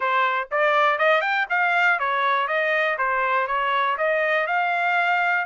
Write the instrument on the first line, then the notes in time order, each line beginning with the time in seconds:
trumpet
0.00 C5
0.51 D5
0.98 D#5
1.21 G5
1.49 F5
1.99 C#5
2.47 D#5
2.98 C5
3.47 C#5
3.97 D#5
4.47 F5